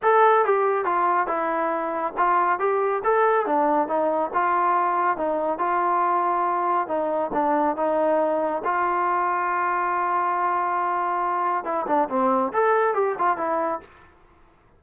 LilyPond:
\new Staff \with { instrumentName = "trombone" } { \time 4/4 \tempo 4 = 139 a'4 g'4 f'4 e'4~ | e'4 f'4 g'4 a'4 | d'4 dis'4 f'2 | dis'4 f'2. |
dis'4 d'4 dis'2 | f'1~ | f'2. e'8 d'8 | c'4 a'4 g'8 f'8 e'4 | }